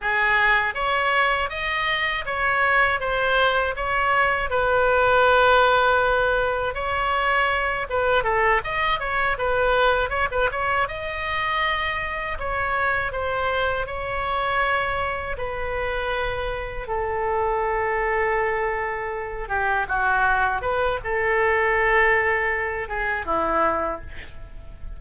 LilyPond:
\new Staff \with { instrumentName = "oboe" } { \time 4/4 \tempo 4 = 80 gis'4 cis''4 dis''4 cis''4 | c''4 cis''4 b'2~ | b'4 cis''4. b'8 a'8 dis''8 | cis''8 b'4 cis''16 b'16 cis''8 dis''4.~ |
dis''8 cis''4 c''4 cis''4.~ | cis''8 b'2 a'4.~ | a'2 g'8 fis'4 b'8 | a'2~ a'8 gis'8 e'4 | }